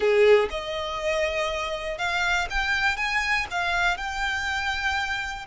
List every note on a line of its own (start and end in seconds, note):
0.00 0.48 G#4
0.50 1.98 D#5
1.98 2.47 F5
2.50 2.96 G5
2.96 3.46 G#5
3.50 3.97 F5
3.97 5.45 G5